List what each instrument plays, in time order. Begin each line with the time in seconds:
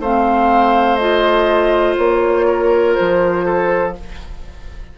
0.00 bassoon A3, clarinet C4, oboe C5, flute F5
0.96 clarinet F4, flute D#5
1.98 bassoon A#3, flute C#5
2.47 oboe A#4
2.94 bassoon F3, flute C5
3.45 oboe A4